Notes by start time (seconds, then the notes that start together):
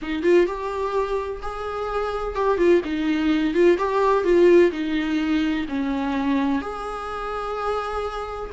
0.02 D#4
0.23 F4
0.46 G4
1.42 G#4
2.35 G4
2.57 F4
2.84 D#4
3.54 F4
3.78 G4
4.24 F4
4.71 D#4
5.68 C#4
6.61 G#4